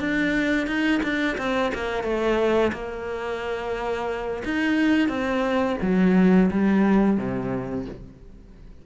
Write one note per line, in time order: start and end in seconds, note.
0.00 0.68 D4
0.68 1.02 D#4
1.03 1.37 D4
1.38 1.72 C4
1.75 2.04 A#3
2.04 2.72 A3
2.73 4.43 A#3
4.45 5.09 D#4
5.09 5.77 C4
5.82 6.51 F#3
6.51 7.18 G3
7.18 7.86 C3